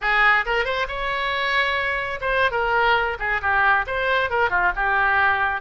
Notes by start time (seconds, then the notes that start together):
0.01 G#4
0.45 A#4
0.64 C5
0.87 C#5
2.20 C5
2.51 A#4
3.19 G#4
3.41 G4
3.86 C5
4.30 A#4
4.50 F4
4.75 G4